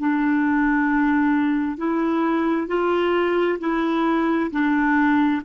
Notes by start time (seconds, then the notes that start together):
0.00 D4
1.78 E4
2.68 F4
3.60 E4
4.51 D4